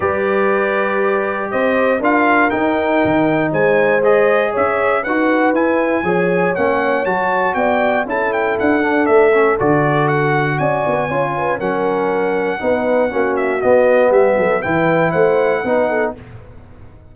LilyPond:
<<
  \new Staff \with { instrumentName = "trumpet" } { \time 4/4 \tempo 4 = 119 d''2. dis''4 | f''4 g''2 gis''4 | dis''4 e''4 fis''4 gis''4~ | gis''4 fis''4 a''4 g''4 |
a''8 g''8 fis''4 e''4 d''4 | fis''4 gis''2 fis''4~ | fis''2~ fis''8 e''8 dis''4 | e''4 g''4 fis''2 | }
  \new Staff \with { instrumentName = "horn" } { \time 4/4 b'2. c''4 | ais'2. c''4~ | c''4 cis''4 b'2 | cis''2. d''4 |
a'1~ | a'4 d''4 cis''8 b'8 ais'4~ | ais'4 b'4 fis'2 | g'8 a'8 b'4 c''4 b'8 a'8 | }
  \new Staff \with { instrumentName = "trombone" } { \time 4/4 g'1 | f'4 dis'2. | gis'2 fis'4 e'4 | gis'4 cis'4 fis'2 |
e'4. d'4 cis'8 fis'4~ | fis'2 f'4 cis'4~ | cis'4 dis'4 cis'4 b4~ | b4 e'2 dis'4 | }
  \new Staff \with { instrumentName = "tuba" } { \time 4/4 g2. c'4 | d'4 dis'4 dis4 gis4~ | gis4 cis'4 dis'4 e'4 | f4 ais4 fis4 b4 |
cis'4 d'4 a4 d4~ | d4 cis'8 b8 cis'4 fis4~ | fis4 b4 ais4 b4 | g8 fis8 e4 a4 b4 | }
>>